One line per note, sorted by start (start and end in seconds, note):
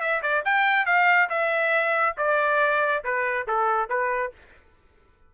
0.00 0.22 E5
0.22 0.43 D5
0.45 0.85 G5
0.85 1.28 F5
1.29 2.15 E5
2.17 3.03 D5
3.04 3.47 B4
3.47 3.89 A4
3.89 4.32 B4